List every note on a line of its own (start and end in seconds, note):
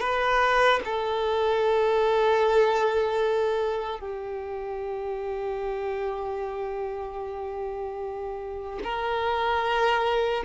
0.00 0.80 B4
0.84 3.99 A4
3.99 8.79 G4
8.84 10.44 A#4